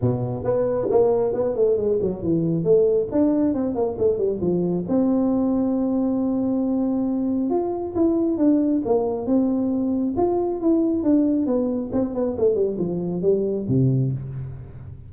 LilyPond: \new Staff \with { instrumentName = "tuba" } { \time 4/4 \tempo 4 = 136 b,4 b4 ais4 b8 a8 | gis8 fis8 e4 a4 d'4 | c'8 ais8 a8 g8 f4 c'4~ | c'1~ |
c'4 f'4 e'4 d'4 | ais4 c'2 f'4 | e'4 d'4 b4 c'8 b8 | a8 g8 f4 g4 c4 | }